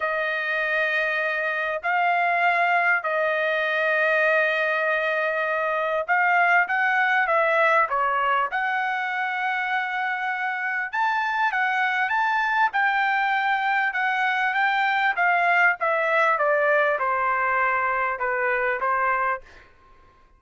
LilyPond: \new Staff \with { instrumentName = "trumpet" } { \time 4/4 \tempo 4 = 99 dis''2. f''4~ | f''4 dis''2.~ | dis''2 f''4 fis''4 | e''4 cis''4 fis''2~ |
fis''2 a''4 fis''4 | a''4 g''2 fis''4 | g''4 f''4 e''4 d''4 | c''2 b'4 c''4 | }